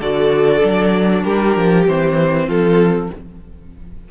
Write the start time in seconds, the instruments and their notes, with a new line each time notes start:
0.00 cello D3, viola F#4, violin A4 D5
0.60 cello F#3, viola D4
1.23 cello G3, violin G4 A#4
1.56 cello F3
1.86 cello E3, viola C4, violin C5
2.47 cello F3, violin F4 A4